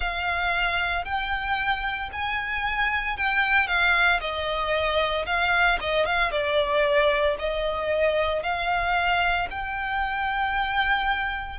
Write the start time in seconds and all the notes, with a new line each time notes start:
0.00 F5
1.04 G5
2.12 G#5
3.17 G5
3.67 F5
4.20 D#5
5.25 F5
5.80 D#5
6.05 F5
6.31 D5
7.39 D#5
8.42 F5
9.50 G5